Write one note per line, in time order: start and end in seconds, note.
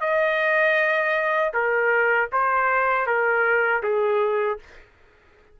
0.00 1.52 D#5
1.53 2.29 A#4
2.32 3.06 C5
3.06 3.82 A#4
3.83 4.59 G#4